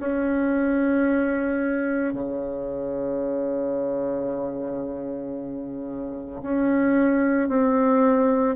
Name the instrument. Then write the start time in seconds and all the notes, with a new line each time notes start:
bassoon
0.00 C#4
2.14 C#3
6.43 C#4
7.49 C4